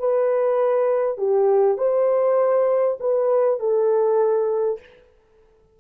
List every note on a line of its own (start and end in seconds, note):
0.00 1.18 B4
1.18 1.78 G4
1.78 2.98 C5
3.01 3.60 B4
3.60 4.80 A4